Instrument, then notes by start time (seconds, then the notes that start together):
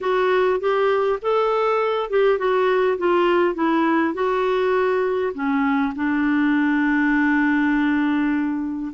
clarinet
0.00 F#4
0.59 G4
1.22 A4
2.10 G4
2.38 F#4
2.97 F4
3.55 E4
4.14 F#4
5.34 C#4
5.95 D4